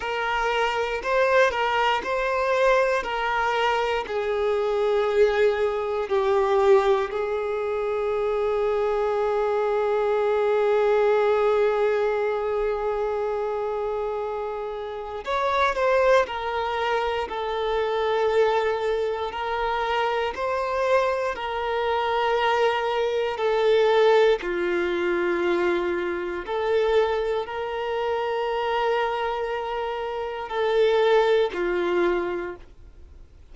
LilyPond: \new Staff \with { instrumentName = "violin" } { \time 4/4 \tempo 4 = 59 ais'4 c''8 ais'8 c''4 ais'4 | gis'2 g'4 gis'4~ | gis'1~ | gis'2. cis''8 c''8 |
ais'4 a'2 ais'4 | c''4 ais'2 a'4 | f'2 a'4 ais'4~ | ais'2 a'4 f'4 | }